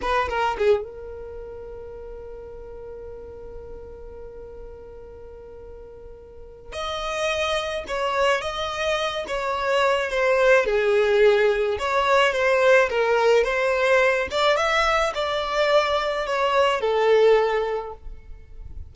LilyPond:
\new Staff \with { instrumentName = "violin" } { \time 4/4 \tempo 4 = 107 b'8 ais'8 gis'8 ais'2~ ais'8~ | ais'1~ | ais'1 | dis''2 cis''4 dis''4~ |
dis''8 cis''4. c''4 gis'4~ | gis'4 cis''4 c''4 ais'4 | c''4. d''8 e''4 d''4~ | d''4 cis''4 a'2 | }